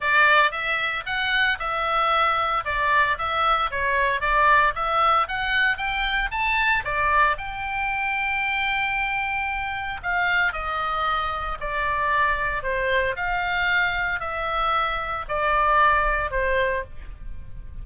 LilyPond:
\new Staff \with { instrumentName = "oboe" } { \time 4/4 \tempo 4 = 114 d''4 e''4 fis''4 e''4~ | e''4 d''4 e''4 cis''4 | d''4 e''4 fis''4 g''4 | a''4 d''4 g''2~ |
g''2. f''4 | dis''2 d''2 | c''4 f''2 e''4~ | e''4 d''2 c''4 | }